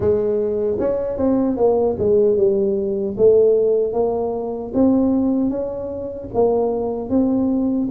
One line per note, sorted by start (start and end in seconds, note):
0.00 0.77 G#3
0.79 1.17 C#4
1.17 1.56 C4
1.56 1.96 A#3
1.98 2.36 G#3
2.36 3.15 G3
3.17 3.93 A3
3.93 4.72 A#3
4.74 5.49 C4
5.49 6.28 C#4
6.34 7.09 A#3
7.09 7.88 C4